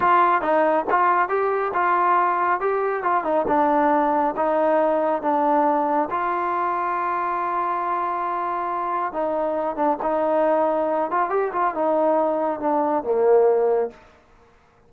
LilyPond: \new Staff \with { instrumentName = "trombone" } { \time 4/4 \tempo 4 = 138 f'4 dis'4 f'4 g'4 | f'2 g'4 f'8 dis'8 | d'2 dis'2 | d'2 f'2~ |
f'1~ | f'4 dis'4. d'8 dis'4~ | dis'4. f'8 g'8 f'8 dis'4~ | dis'4 d'4 ais2 | }